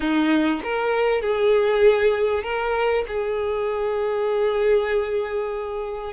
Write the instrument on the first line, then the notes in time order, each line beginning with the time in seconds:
violin
0.00 D#4
0.63 A#4
1.21 G#4
2.43 A#4
3.07 G#4